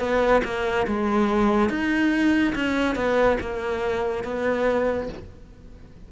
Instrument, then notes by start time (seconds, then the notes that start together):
cello
0.00 B3
0.45 A#3
0.87 G#3
1.70 D#4
2.55 C#4
2.95 B3
3.41 A#3
4.24 B3